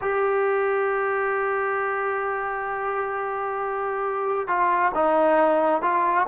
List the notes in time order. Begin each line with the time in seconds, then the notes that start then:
0.01 G4
4.47 F4
4.94 D#4
5.81 F4